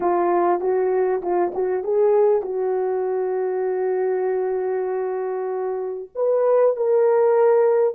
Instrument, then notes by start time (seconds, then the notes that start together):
horn
0.00 F4
0.60 F#4
1.21 F4
1.54 F#4
1.83 G#4
2.42 F#4
6.15 B4
6.76 A#4